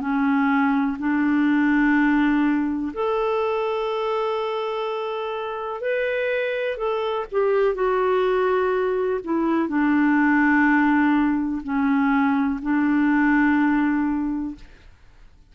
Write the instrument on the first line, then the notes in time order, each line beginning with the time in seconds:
clarinet
0.00 C#4
0.99 D4
2.93 A4
5.81 B4
6.77 A4
7.32 G4
7.75 F#4
9.24 E4
9.68 D4
11.63 C#4
12.62 D4